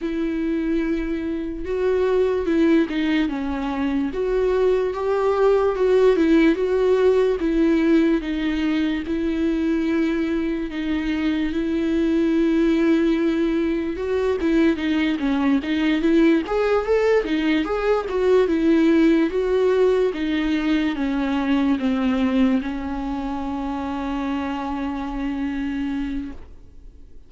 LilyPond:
\new Staff \with { instrumentName = "viola" } { \time 4/4 \tempo 4 = 73 e'2 fis'4 e'8 dis'8 | cis'4 fis'4 g'4 fis'8 e'8 | fis'4 e'4 dis'4 e'4~ | e'4 dis'4 e'2~ |
e'4 fis'8 e'8 dis'8 cis'8 dis'8 e'8 | gis'8 a'8 dis'8 gis'8 fis'8 e'4 fis'8~ | fis'8 dis'4 cis'4 c'4 cis'8~ | cis'1 | }